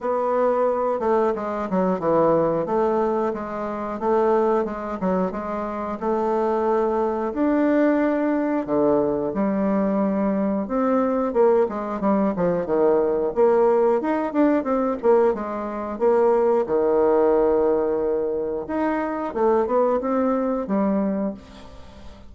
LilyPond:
\new Staff \with { instrumentName = "bassoon" } { \time 4/4 \tempo 4 = 90 b4. a8 gis8 fis8 e4 | a4 gis4 a4 gis8 fis8 | gis4 a2 d'4~ | d'4 d4 g2 |
c'4 ais8 gis8 g8 f8 dis4 | ais4 dis'8 d'8 c'8 ais8 gis4 | ais4 dis2. | dis'4 a8 b8 c'4 g4 | }